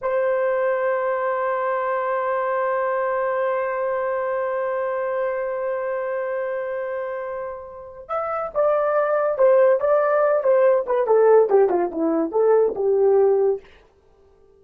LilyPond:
\new Staff \with { instrumentName = "horn" } { \time 4/4 \tempo 4 = 141 c''1~ | c''1~ | c''1~ | c''1~ |
c''2. e''4 | d''2 c''4 d''4~ | d''8 c''4 b'8 a'4 g'8 f'8 | e'4 a'4 g'2 | }